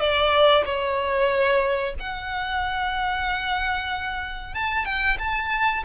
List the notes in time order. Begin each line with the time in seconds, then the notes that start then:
0.00 D5
0.65 C#5
2.00 F#5
4.55 A5
4.85 G5
5.19 A5